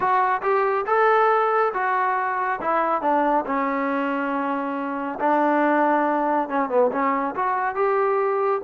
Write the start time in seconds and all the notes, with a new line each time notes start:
0.00 F#4
0.42 G4
0.86 A4
1.73 F#4
2.61 E4
3.01 D4
3.46 C#4
5.19 D4
6.48 C#4
6.69 B3
6.91 C#4
7.35 F#4
7.75 G4